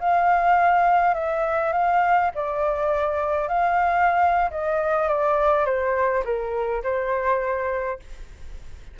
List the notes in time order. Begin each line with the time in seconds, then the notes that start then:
0.00 F5
1.14 E5
1.73 F5
2.35 D5
3.48 F5
4.51 D#5
5.08 D5
5.65 C5
6.25 A#4
6.83 C5